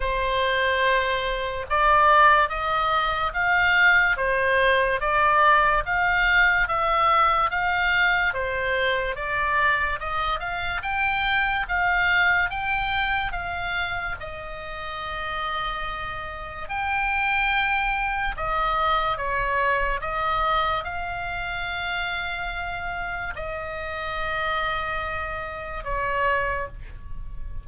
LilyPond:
\new Staff \with { instrumentName = "oboe" } { \time 4/4 \tempo 4 = 72 c''2 d''4 dis''4 | f''4 c''4 d''4 f''4 | e''4 f''4 c''4 d''4 | dis''8 f''8 g''4 f''4 g''4 |
f''4 dis''2. | g''2 dis''4 cis''4 | dis''4 f''2. | dis''2. cis''4 | }